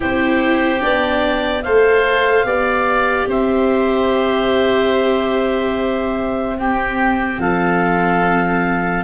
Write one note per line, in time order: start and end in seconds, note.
0.00 0.83 C4
0.00 0.80 E4
0.00 1.63 G4
0.00 0.83 C5
0.80 1.65 B3
0.80 1.62 D4
0.80 1.62 D5
1.62 2.44 A3
1.62 2.44 A4
1.62 2.46 C5
1.62 3.26 F5
2.44 3.26 B3
2.44 6.55 G4
2.44 3.28 D5
3.26 7.37 C4
3.26 6.57 C5
3.26 6.58 E5
6.57 9.04 C4
6.57 7.40 G4
6.57 7.40 G5
7.39 9.03 F3
7.39 9.04 A4
7.39 9.04 F5